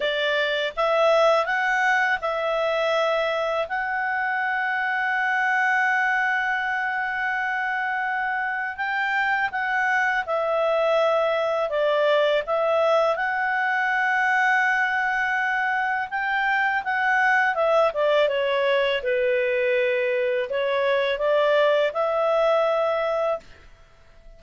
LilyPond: \new Staff \with { instrumentName = "clarinet" } { \time 4/4 \tempo 4 = 82 d''4 e''4 fis''4 e''4~ | e''4 fis''2.~ | fis''1 | g''4 fis''4 e''2 |
d''4 e''4 fis''2~ | fis''2 g''4 fis''4 | e''8 d''8 cis''4 b'2 | cis''4 d''4 e''2 | }